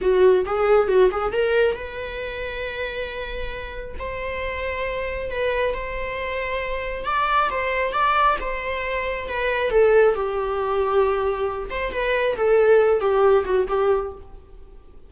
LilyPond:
\new Staff \with { instrumentName = "viola" } { \time 4/4 \tempo 4 = 136 fis'4 gis'4 fis'8 gis'8 ais'4 | b'1~ | b'4 c''2. | b'4 c''2. |
d''4 c''4 d''4 c''4~ | c''4 b'4 a'4 g'4~ | g'2~ g'8 c''8 b'4 | a'4. g'4 fis'8 g'4 | }